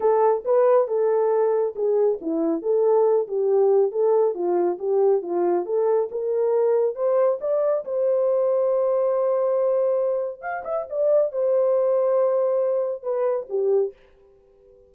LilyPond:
\new Staff \with { instrumentName = "horn" } { \time 4/4 \tempo 4 = 138 a'4 b'4 a'2 | gis'4 e'4 a'4. g'8~ | g'4 a'4 f'4 g'4 | f'4 a'4 ais'2 |
c''4 d''4 c''2~ | c''1 | f''8 e''8 d''4 c''2~ | c''2 b'4 g'4 | }